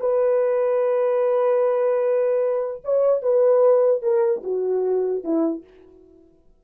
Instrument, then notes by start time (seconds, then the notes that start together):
horn
0.00 B4
2.84 C#5
3.22 B4
4.02 A#4
4.43 F#4
5.24 E4